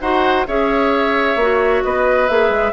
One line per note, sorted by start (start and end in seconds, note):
0.00 0.46 D#4
0.00 0.47 F#4
0.00 0.46 C5
0.00 0.45 F#5
0.47 1.36 C#4
0.47 1.38 G#4
0.47 1.83 C#5
0.47 1.83 E5
1.36 1.81 A#3
1.36 2.28 F#4
1.83 2.30 B3
1.83 2.72 B4
1.83 2.29 D#5
2.28 2.49 A#3
2.28 2.72 G#4
2.28 2.72 E5
2.49 2.71 G#3